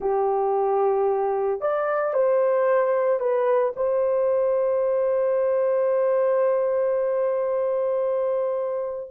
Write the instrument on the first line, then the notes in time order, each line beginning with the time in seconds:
horn
0.00 G4
1.60 D5
2.13 C5
3.19 B4
3.76 C5